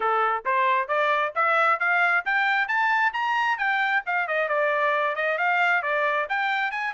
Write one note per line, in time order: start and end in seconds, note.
0.00 0.44 A4
0.45 0.88 C5
0.88 1.32 D5
1.35 1.79 E5
1.79 2.24 F5
2.25 2.68 G5
2.68 3.12 A5
3.13 3.57 A#5
3.57 4.02 G5
4.06 4.27 F5
4.27 4.48 D#5
4.48 5.15 D5
5.15 5.38 D#5
5.38 5.82 F5
5.82 6.27 D5
6.29 6.71 G5
6.71 6.93 G#5